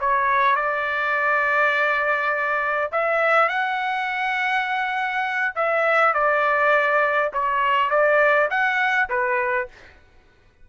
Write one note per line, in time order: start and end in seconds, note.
0.00 0.56 C#5
0.56 2.91 D5
2.91 3.48 E5
3.48 5.54 F#5
5.55 6.14 E5
6.14 7.32 D5
7.33 7.90 C#5
7.90 8.49 D5
8.50 9.09 F#5
9.09 9.68 B4